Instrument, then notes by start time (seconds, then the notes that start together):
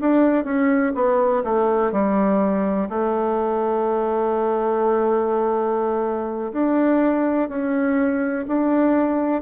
bassoon
0.00 D4
0.44 C#4
0.95 B3
1.44 A3
1.92 G3
2.89 A3
6.52 D4
7.49 C#4
8.47 D4